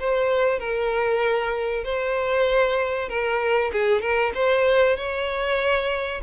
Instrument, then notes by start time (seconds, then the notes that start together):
violin
0.00 C5
0.59 A#4
1.85 C5
3.09 A#4
3.73 G#4
4.01 A#4
4.35 C5
4.97 C#5